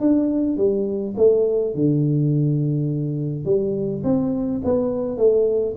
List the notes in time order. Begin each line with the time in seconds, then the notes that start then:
0.00 D4
0.57 G3
1.17 A3
1.74 D3
3.45 G3
4.03 C4
4.64 B3
5.17 A3